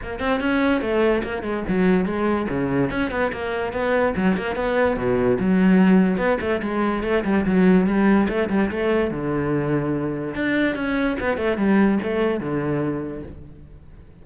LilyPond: \new Staff \with { instrumentName = "cello" } { \time 4/4 \tempo 4 = 145 ais8 c'8 cis'4 a4 ais8 gis8 | fis4 gis4 cis4 cis'8 b8 | ais4 b4 fis8 ais8 b4 | b,4 fis2 b8 a8 |
gis4 a8 g8 fis4 g4 | a8 g8 a4 d2~ | d4 d'4 cis'4 b8 a8 | g4 a4 d2 | }